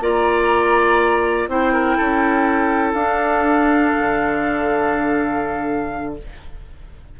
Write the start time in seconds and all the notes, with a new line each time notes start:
0.00 A#3 F4 D5 A#5
1.47 C4 E4 C5 G5
1.72 A#4
1.96 C#4 A4
2.93 D4 F5
3.98 D3